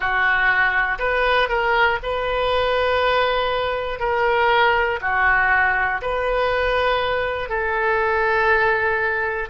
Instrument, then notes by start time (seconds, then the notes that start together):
oboe
0.00 F#4
0.98 B4
1.49 A#4
2.03 B4
3.99 A#4
5.00 F#4
6.01 B4
7.49 A4